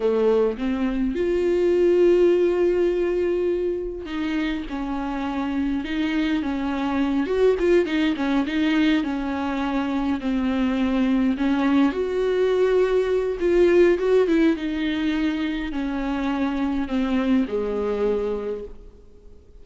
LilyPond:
\new Staff \with { instrumentName = "viola" } { \time 4/4 \tempo 4 = 103 a4 c'4 f'2~ | f'2. dis'4 | cis'2 dis'4 cis'4~ | cis'8 fis'8 f'8 dis'8 cis'8 dis'4 cis'8~ |
cis'4. c'2 cis'8~ | cis'8 fis'2~ fis'8 f'4 | fis'8 e'8 dis'2 cis'4~ | cis'4 c'4 gis2 | }